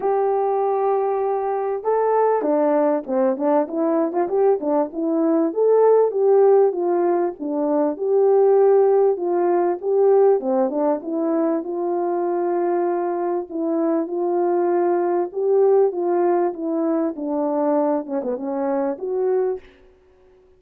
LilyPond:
\new Staff \with { instrumentName = "horn" } { \time 4/4 \tempo 4 = 98 g'2. a'4 | d'4 c'8 d'8 e'8. f'16 g'8 d'8 | e'4 a'4 g'4 f'4 | d'4 g'2 f'4 |
g'4 c'8 d'8 e'4 f'4~ | f'2 e'4 f'4~ | f'4 g'4 f'4 e'4 | d'4. cis'16 b16 cis'4 fis'4 | }